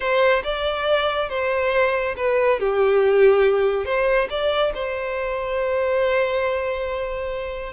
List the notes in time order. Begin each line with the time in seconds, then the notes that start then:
0.00 C5
0.43 D5
1.29 C5
2.16 B4
2.59 G4
3.85 C5
4.30 D5
4.74 C5